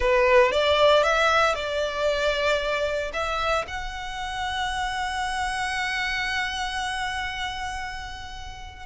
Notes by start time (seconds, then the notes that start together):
0.00 B4
0.51 D5
1.03 E5
1.55 D5
3.13 E5
3.67 F#5